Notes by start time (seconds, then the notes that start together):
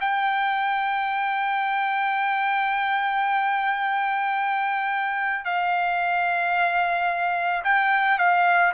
0.00 G5
5.44 F5
7.64 G5
8.18 F5